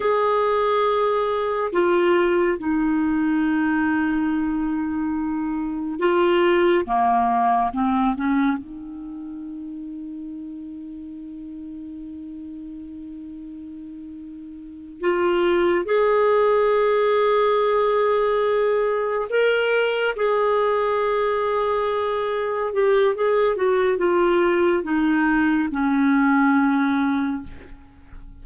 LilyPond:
\new Staff \with { instrumentName = "clarinet" } { \time 4/4 \tempo 4 = 70 gis'2 f'4 dis'4~ | dis'2. f'4 | ais4 c'8 cis'8 dis'2~ | dis'1~ |
dis'4. f'4 gis'4.~ | gis'2~ gis'8 ais'4 gis'8~ | gis'2~ gis'8 g'8 gis'8 fis'8 | f'4 dis'4 cis'2 | }